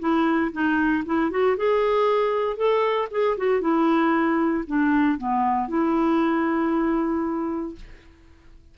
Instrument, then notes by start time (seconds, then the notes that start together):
clarinet
0.00 E4
0.53 D#4
1.06 E4
1.31 F#4
1.58 G#4
2.57 A4
3.12 G#4
3.38 F#4
3.61 E4
4.68 D4
5.18 B3
5.69 E4